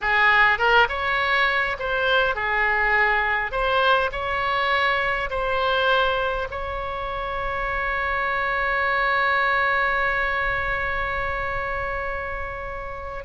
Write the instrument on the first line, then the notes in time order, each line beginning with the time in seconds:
oboe
0.01 G#4
0.58 A#4
0.88 C#5
1.79 C5
2.35 G#4
3.51 C5
4.12 C#5
5.30 C5
6.50 C#5